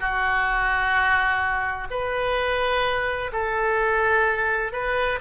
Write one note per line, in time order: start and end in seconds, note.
0.00 1.87 F#4
1.90 3.31 B4
3.32 4.72 A4
4.72 5.19 B4